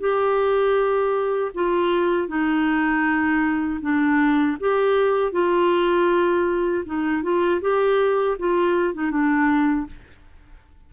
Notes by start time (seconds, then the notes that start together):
0.00 G4
1.55 F4
2.29 D#4
3.81 D4
4.61 G4
5.32 F4
6.86 D#4
7.23 F4
7.61 G4
8.39 F4
8.94 D#4
9.11 D4